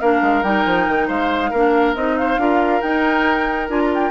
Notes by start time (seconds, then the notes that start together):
0.00 A#3 D4 A#4 F5
0.21 G#3
0.42 G3 D#4 G5
0.65 F3
0.88 D#3
1.07 G#3 C5 F5
1.50 A#3 D4 A#4
1.95 C4 D#4 D#5
2.17 C5 F5
2.37 D4 F4 A#4
2.81 D#4 G5
3.68 D4 F4 G#5
3.80 A#5
3.94 G5